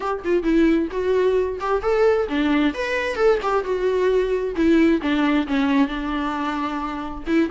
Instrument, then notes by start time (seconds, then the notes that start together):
viola
0.00 G4
0.24 F4
0.43 E4
0.91 F#4
1.60 G4
1.81 A4
2.29 D4
2.74 B4
3.15 A4
3.42 G4
3.64 F#4
4.55 E4
5.01 D4
5.47 C#4
5.87 D4
7.26 E4